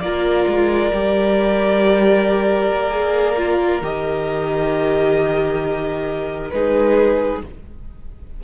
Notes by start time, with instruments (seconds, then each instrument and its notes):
0.00 cello A#3, viola F4, violin A#4 D5
0.47 cello G#3
0.93 cello G3, viola G4
2.71 cello A#3
2.90 viola G#4
3.36 viola F4
3.82 cello D#3, viola G4, violin D#5
6.50 cello G#3, viola D#4, violin G#4 B4